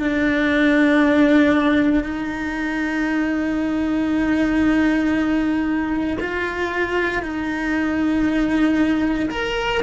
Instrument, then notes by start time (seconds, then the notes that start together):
cello
0.00 D4
2.04 D#4
6.21 F4
7.23 D#4
9.31 A#4